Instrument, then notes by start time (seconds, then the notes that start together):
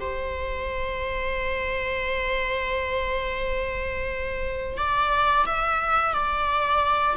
viola
0.00 C5
4.77 D5
5.45 E5
6.14 D5